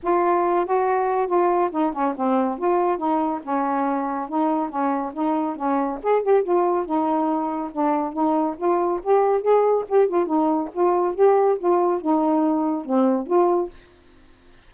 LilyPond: \new Staff \with { instrumentName = "saxophone" } { \time 4/4 \tempo 4 = 140 f'4. fis'4. f'4 | dis'8 cis'8 c'4 f'4 dis'4 | cis'2 dis'4 cis'4 | dis'4 cis'4 gis'8 g'8 f'4 |
dis'2 d'4 dis'4 | f'4 g'4 gis'4 g'8 f'8 | dis'4 f'4 g'4 f'4 | dis'2 c'4 f'4 | }